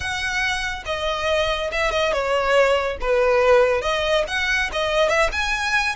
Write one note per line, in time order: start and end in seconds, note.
0.00 0.83 F#5
0.85 1.70 D#5
1.71 1.91 E5
1.91 2.12 D#5
2.12 2.97 C#5
3.00 3.81 B4
3.81 4.24 D#5
4.27 4.70 F#5
4.72 5.09 D#5
5.09 5.30 E5
5.32 5.95 G#5